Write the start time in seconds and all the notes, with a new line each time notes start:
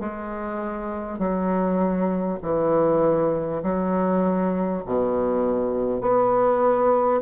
0.00 G#3
1.19 F#3
2.42 E3
3.63 F#3
4.86 B2
6.01 B3